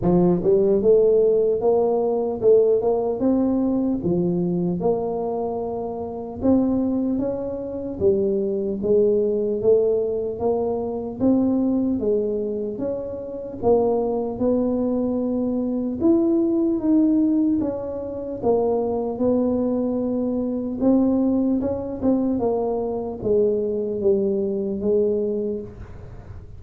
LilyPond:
\new Staff \with { instrumentName = "tuba" } { \time 4/4 \tempo 4 = 75 f8 g8 a4 ais4 a8 ais8 | c'4 f4 ais2 | c'4 cis'4 g4 gis4 | a4 ais4 c'4 gis4 |
cis'4 ais4 b2 | e'4 dis'4 cis'4 ais4 | b2 c'4 cis'8 c'8 | ais4 gis4 g4 gis4 | }